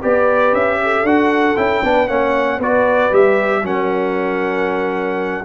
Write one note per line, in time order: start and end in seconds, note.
0.00 0.52 B3
0.00 1.05 G4
0.00 0.78 B4
0.00 0.54 D5
0.52 1.03 C#4
0.52 1.06 E5
0.82 1.85 A4
1.03 1.55 D4
1.03 1.56 F#4
1.03 1.56 F#5
1.56 1.83 C#4
1.56 1.82 E4
1.56 2.08 G5
1.83 2.09 B3
1.83 2.07 D4
1.83 2.08 B4
2.07 2.58 A#3
2.07 2.59 C#4
2.07 2.56 C#5
2.07 2.59 F#5
2.56 3.10 B3
2.56 3.10 F#4
2.56 3.60 B4
2.56 3.14 D5
3.10 3.62 G3
3.10 3.62 G4
3.10 3.65 E5
3.62 5.43 F#3
3.62 5.44 C#4
3.62 5.44 A#4
3.62 5.44 F#5